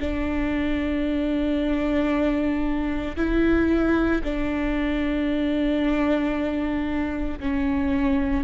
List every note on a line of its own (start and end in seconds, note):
0.00 3.16 D4
3.16 4.22 E4
4.23 7.39 D4
7.39 8.44 C#4